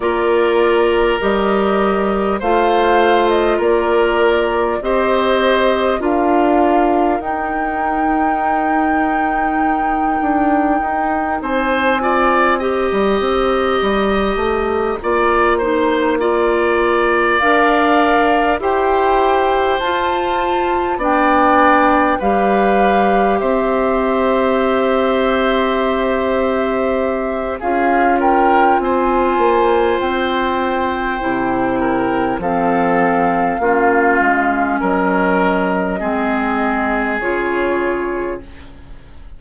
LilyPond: <<
  \new Staff \with { instrumentName = "flute" } { \time 4/4 \tempo 4 = 50 d''4 dis''4 f''8. dis''16 d''4 | dis''4 f''4 g''2~ | g''4. gis''4 ais''4.~ | ais''2~ ais''8 f''4 g''8~ |
g''8 a''4 g''4 f''4 e''8~ | e''2. f''8 g''8 | gis''4 g''2 f''4~ | f''4 dis''2 cis''4 | }
  \new Staff \with { instrumentName = "oboe" } { \time 4/4 ais'2 c''4 ais'4 | c''4 ais'2.~ | ais'4. c''8 d''8 dis''4.~ | dis''8 d''8 c''8 d''2 c''8~ |
c''4. d''4 b'4 c''8~ | c''2. gis'8 ais'8 | c''2~ c''8 ais'8 a'4 | f'4 ais'4 gis'2 | }
  \new Staff \with { instrumentName = "clarinet" } { \time 4/4 f'4 g'4 f'2 | g'4 f'4 dis'2~ | dis'2 f'8 g'4.~ | g'8 f'8 dis'8 f'4 ais'4 g'8~ |
g'8 f'4 d'4 g'4.~ | g'2. f'4~ | f'2 e'4 c'4 | cis'2 c'4 f'4 | }
  \new Staff \with { instrumentName = "bassoon" } { \time 4/4 ais4 g4 a4 ais4 | c'4 d'4 dis'2~ | dis'8 d'8 dis'8 c'4~ c'16 g16 c'8 g8 | a8 ais2 d'4 e'8~ |
e'8 f'4 b4 g4 c'8~ | c'2. cis'4 | c'8 ais8 c'4 c4 f4 | ais8 gis8 fis4 gis4 cis4 | }
>>